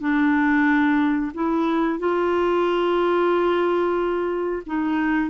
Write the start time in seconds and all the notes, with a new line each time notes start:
0.00 D4
1.34 E4
1.99 F4
4.66 D#4